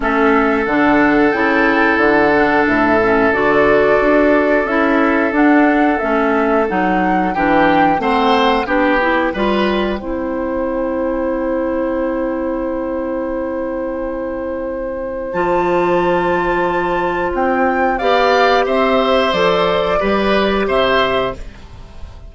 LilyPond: <<
  \new Staff \with { instrumentName = "flute" } { \time 4/4 \tempo 4 = 90 e''4 fis''4 g''4 fis''4 | e''4 d''2 e''4 | fis''4 e''4 fis''4 g''4 | fis''4 g''2.~ |
g''1~ | g''2. a''4~ | a''2 g''4 f''4 | e''4 d''2 e''4 | }
  \new Staff \with { instrumentName = "oboe" } { \time 4/4 a'1~ | a'1~ | a'2. g'4 | c''4 g'4 b'4 c''4~ |
c''1~ | c''1~ | c''2. d''4 | c''2 b'4 c''4 | }
  \new Staff \with { instrumentName = "clarinet" } { \time 4/4 cis'4 d'4 e'4. d'8~ | d'8 cis'8 fis'2 e'4 | d'4 cis'4 dis'4 d'4 | c'4 d'8 e'8 f'4 e'4~ |
e'1~ | e'2. f'4~ | f'2. g'4~ | g'4 a'4 g'2 | }
  \new Staff \with { instrumentName = "bassoon" } { \time 4/4 a4 d4 cis4 d4 | a,4 d4 d'4 cis'4 | d'4 a4 fis4 e4 | a4 b4 g4 c'4~ |
c'1~ | c'2. f4~ | f2 c'4 b4 | c'4 f4 g4 c4 | }
>>